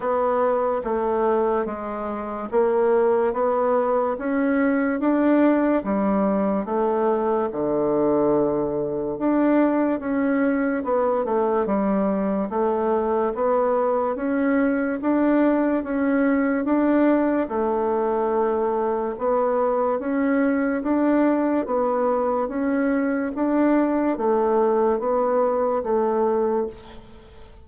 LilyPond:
\new Staff \with { instrumentName = "bassoon" } { \time 4/4 \tempo 4 = 72 b4 a4 gis4 ais4 | b4 cis'4 d'4 g4 | a4 d2 d'4 | cis'4 b8 a8 g4 a4 |
b4 cis'4 d'4 cis'4 | d'4 a2 b4 | cis'4 d'4 b4 cis'4 | d'4 a4 b4 a4 | }